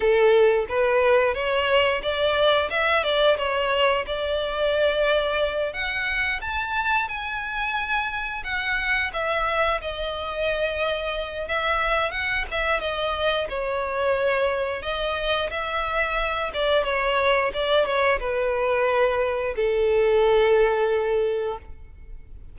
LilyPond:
\new Staff \with { instrumentName = "violin" } { \time 4/4 \tempo 4 = 89 a'4 b'4 cis''4 d''4 | e''8 d''8 cis''4 d''2~ | d''8 fis''4 a''4 gis''4.~ | gis''8 fis''4 e''4 dis''4.~ |
dis''4 e''4 fis''8 e''8 dis''4 | cis''2 dis''4 e''4~ | e''8 d''8 cis''4 d''8 cis''8 b'4~ | b'4 a'2. | }